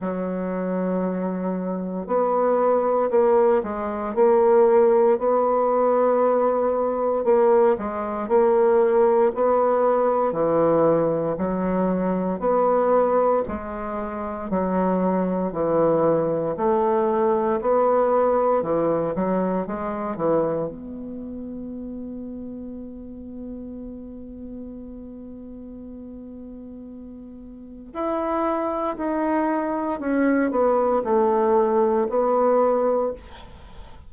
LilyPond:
\new Staff \with { instrumentName = "bassoon" } { \time 4/4 \tempo 4 = 58 fis2 b4 ais8 gis8 | ais4 b2 ais8 gis8 | ais4 b4 e4 fis4 | b4 gis4 fis4 e4 |
a4 b4 e8 fis8 gis8 e8 | b1~ | b2. e'4 | dis'4 cis'8 b8 a4 b4 | }